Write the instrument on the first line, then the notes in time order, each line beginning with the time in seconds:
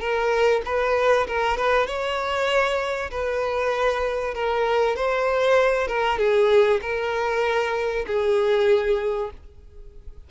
violin
0.00 A#4
0.65 B4
1.27 A#4
1.57 B4
1.87 C#5
3.11 B4
4.34 A#4
4.96 C5
5.88 A#4
6.19 G#4
6.82 A#4
8.07 G#4